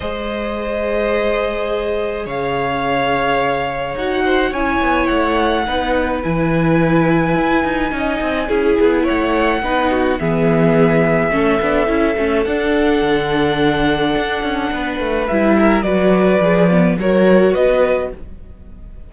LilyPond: <<
  \new Staff \with { instrumentName = "violin" } { \time 4/4 \tempo 4 = 106 dis''1 | f''2. fis''4 | gis''4 fis''2 gis''4~ | gis''1 |
fis''2 e''2~ | e''2 fis''2~ | fis''2. e''4 | d''2 cis''4 dis''4 | }
  \new Staff \with { instrumentName = "violin" } { \time 4/4 c''1 | cis''2.~ cis''8 c''8 | cis''2 b'2~ | b'2 dis''4 gis'4 |
cis''4 b'8 fis'8 gis'2 | a'1~ | a'2 b'4. ais'8 | b'2 ais'4 b'4 | }
  \new Staff \with { instrumentName = "viola" } { \time 4/4 gis'1~ | gis'2. fis'4 | e'2 dis'4 e'4~ | e'2 dis'4 e'4~ |
e'4 dis'4 b2 | cis'8 d'8 e'8 cis'8 d'2~ | d'2. e'4 | fis'4 gis'8 b8 fis'2 | }
  \new Staff \with { instrumentName = "cello" } { \time 4/4 gis1 | cis2. dis'4 | cis'8 b8 a4 b4 e4~ | e4 e'8 dis'8 cis'8 c'8 cis'8 b8 |
a4 b4 e2 | a8 b8 cis'8 a8 d'4 d4~ | d4 d'8 cis'8 b8 a8 g4 | fis4 f4 fis4 b4 | }
>>